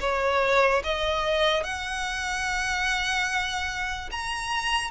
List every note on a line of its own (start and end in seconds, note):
0.00 0.82 C#5
0.83 1.63 D#5
1.63 4.09 F#5
4.11 4.90 A#5